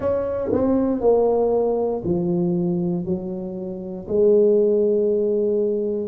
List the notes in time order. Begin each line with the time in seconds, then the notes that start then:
0.00 C#4
0.52 C4
1.00 A#3
2.04 F3
3.05 F#3
4.08 G#3